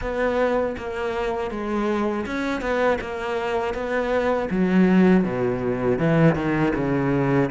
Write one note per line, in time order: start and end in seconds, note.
0.01 0.76 B3
0.77 1.50 A#3
1.50 2.25 G#3
2.25 2.61 C#4
2.61 2.98 B3
3.00 3.73 A#3
3.73 4.48 B3
4.50 5.24 F#3
5.24 5.98 B2
5.98 6.35 E3
6.35 6.72 D#3
6.75 7.50 C#3